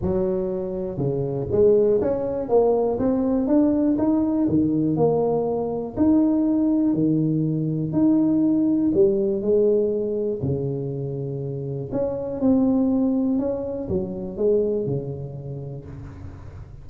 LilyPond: \new Staff \with { instrumentName = "tuba" } { \time 4/4 \tempo 4 = 121 fis2 cis4 gis4 | cis'4 ais4 c'4 d'4 | dis'4 dis4 ais2 | dis'2 dis2 |
dis'2 g4 gis4~ | gis4 cis2. | cis'4 c'2 cis'4 | fis4 gis4 cis2 | }